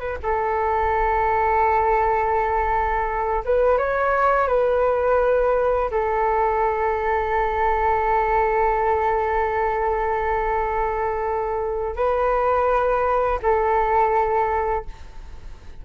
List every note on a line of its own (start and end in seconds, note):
0.00 0.18 B4
0.23 3.44 A4
3.45 3.78 B4
3.78 4.48 C#5
4.48 5.91 B4
5.91 11.96 A4
11.96 13.39 B4
13.43 14.86 A4